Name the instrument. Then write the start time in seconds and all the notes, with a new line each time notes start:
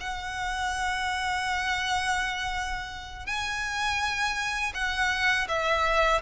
violin
0.00 F#5
3.26 G#5
4.74 F#5
5.48 E5